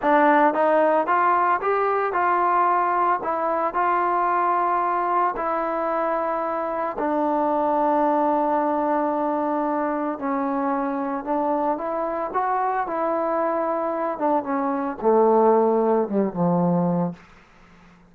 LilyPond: \new Staff \with { instrumentName = "trombone" } { \time 4/4 \tempo 4 = 112 d'4 dis'4 f'4 g'4 | f'2 e'4 f'4~ | f'2 e'2~ | e'4 d'2.~ |
d'2. cis'4~ | cis'4 d'4 e'4 fis'4 | e'2~ e'8 d'8 cis'4 | a2 g8 f4. | }